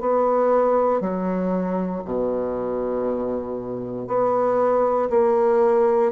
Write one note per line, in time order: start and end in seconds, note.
0.00 1.01 B3
1.01 2.02 F#3
2.05 4.07 B2
4.07 5.09 B3
5.10 6.12 A#3